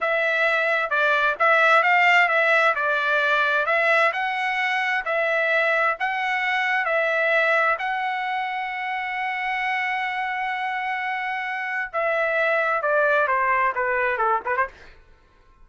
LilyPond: \new Staff \with { instrumentName = "trumpet" } { \time 4/4 \tempo 4 = 131 e''2 d''4 e''4 | f''4 e''4 d''2 | e''4 fis''2 e''4~ | e''4 fis''2 e''4~ |
e''4 fis''2.~ | fis''1~ | fis''2 e''2 | d''4 c''4 b'4 a'8 b'16 c''16 | }